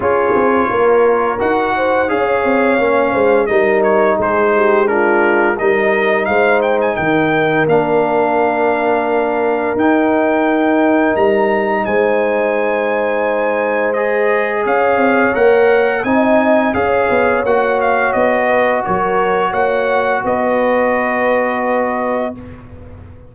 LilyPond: <<
  \new Staff \with { instrumentName = "trumpet" } { \time 4/4 \tempo 4 = 86 cis''2 fis''4 f''4~ | f''4 dis''8 cis''8 c''4 ais'4 | dis''4 f''8 g''16 gis''16 g''4 f''4~ | f''2 g''2 |
ais''4 gis''2. | dis''4 f''4 fis''4 gis''4 | f''4 fis''8 f''8 dis''4 cis''4 | fis''4 dis''2. | }
  \new Staff \with { instrumentName = "horn" } { \time 4/4 gis'4 ais'4. c''8 cis''4~ | cis''8 c''8 ais'4 gis'8 g'8 f'4 | ais'4 c''4 ais'2~ | ais'1~ |
ais'4 c''2.~ | c''4 cis''2 dis''4 | cis''2~ cis''8 b'8 ais'4 | cis''4 b'2. | }
  \new Staff \with { instrumentName = "trombone" } { \time 4/4 f'2 fis'4 gis'4 | cis'4 dis'2 d'4 | dis'2. d'4~ | d'2 dis'2~ |
dis'1 | gis'2 ais'4 dis'4 | gis'4 fis'2.~ | fis'1 | }
  \new Staff \with { instrumentName = "tuba" } { \time 4/4 cis'8 c'8 ais4 dis'4 cis'8 c'8 | ais8 gis8 g4 gis2 | g4 gis4 dis4 ais4~ | ais2 dis'2 |
g4 gis2.~ | gis4 cis'8 c'8 ais4 c'4 | cis'8 b8 ais4 b4 fis4 | ais4 b2. | }
>>